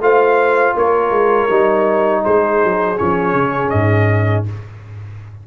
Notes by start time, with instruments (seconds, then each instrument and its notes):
0.00 tuba A3, trombone F4, horn C5, trumpet F5
0.77 tuba A#3, horn A#4, trumpet C#5
1.10 tuba G#3
1.50 tuba G3, trombone D#4
2.23 tuba G#3, horn G#4, trumpet C5
2.64 tuba F#3
2.98 tuba F3, trombone C#4, trumpet C#5
3.33 tuba C#3
3.70 tuba G#2, trumpet D#5